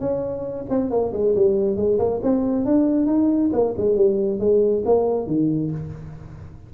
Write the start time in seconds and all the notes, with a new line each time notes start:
0.00 C#4
0.69 C4
0.90 A#3
1.13 G#3
1.35 G3
1.76 G#3
1.99 A#3
2.23 C4
2.65 D4
3.07 D#4
3.53 A#3
3.77 G#3
3.96 G3
4.40 G#3
4.86 A#3
5.27 D#3